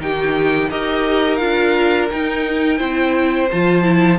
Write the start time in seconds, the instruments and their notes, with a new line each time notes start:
0.00 cello D#3, viola D#4, violin G4 G5
0.70 cello D#4, viola G4, violin A#4 D#5
1.36 cello D4, viola F4, violin F5
2.11 viola D#4, cello D#4, violin G5
2.78 cello C4, viola E4, violin C5
3.51 cello F3, viola F4, violin A5
3.83 viola E4